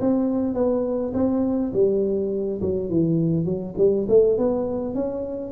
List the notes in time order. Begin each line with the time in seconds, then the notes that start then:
0.00 C4
0.54 B3
1.14 C4
1.73 G3
2.61 F#3
2.89 E3
3.45 F#3
3.77 G3
4.08 A3
4.38 B3
4.94 C#4